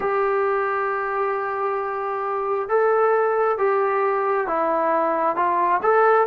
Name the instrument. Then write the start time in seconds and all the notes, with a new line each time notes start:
trombone
0.00 G4
2.68 A4
3.58 G4
4.47 E4
5.36 F4
5.82 A4